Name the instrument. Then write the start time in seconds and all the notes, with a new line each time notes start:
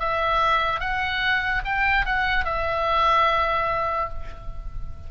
oboe
0.00 E5
0.80 F#5
1.65 G5
2.06 F#5
2.45 E5